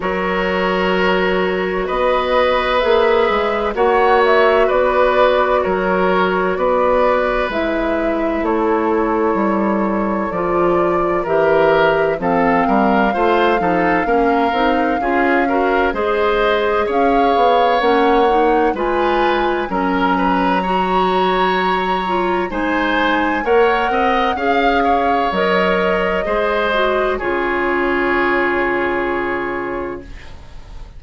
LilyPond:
<<
  \new Staff \with { instrumentName = "flute" } { \time 4/4 \tempo 4 = 64 cis''2 dis''4 e''4 | fis''8 e''8 d''4 cis''4 d''4 | e''4 cis''2 d''4 | e''4 f''2.~ |
f''4 dis''4 f''4 fis''4 | gis''4 ais''2. | gis''4 fis''4 f''4 dis''4~ | dis''4 cis''2. | }
  \new Staff \with { instrumentName = "oboe" } { \time 4/4 ais'2 b'2 | cis''4 b'4 ais'4 b'4~ | b'4 a'2. | ais'4 a'8 ais'8 c''8 a'8 ais'4 |
gis'8 ais'8 c''4 cis''2 | b'4 ais'8 b'8 cis''2 | c''4 cis''8 dis''8 f''8 cis''4. | c''4 gis'2. | }
  \new Staff \with { instrumentName = "clarinet" } { \time 4/4 fis'2. gis'4 | fis'1 | e'2. f'4 | g'4 c'4 f'8 dis'8 cis'8 dis'8 |
f'8 fis'8 gis'2 cis'8 dis'8 | f'4 cis'4 fis'4. f'8 | dis'4 ais'4 gis'4 ais'4 | gis'8 fis'8 f'2. | }
  \new Staff \with { instrumentName = "bassoon" } { \time 4/4 fis2 b4 ais8 gis8 | ais4 b4 fis4 b4 | gis4 a4 g4 f4 | e4 f8 g8 a8 f8 ais8 c'8 |
cis'4 gis4 cis'8 b8 ais4 | gis4 fis2. | gis4 ais8 c'8 cis'4 fis4 | gis4 cis2. | }
>>